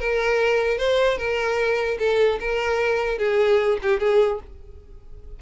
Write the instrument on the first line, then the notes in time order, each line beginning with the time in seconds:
violin
0.00 A#4
0.78 C5
1.18 A#4
1.99 A4
2.40 A#4
3.19 G#4
3.83 G4
4.00 G#4